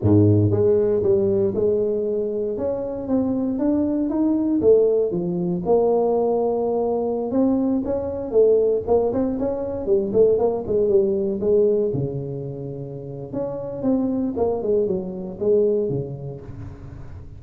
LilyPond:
\new Staff \with { instrumentName = "tuba" } { \time 4/4 \tempo 4 = 117 gis,4 gis4 g4 gis4~ | gis4 cis'4 c'4 d'4 | dis'4 a4 f4 ais4~ | ais2~ ais16 c'4 cis'8.~ |
cis'16 a4 ais8 c'8 cis'4 g8 a16~ | a16 ais8 gis8 g4 gis4 cis8.~ | cis2 cis'4 c'4 | ais8 gis8 fis4 gis4 cis4 | }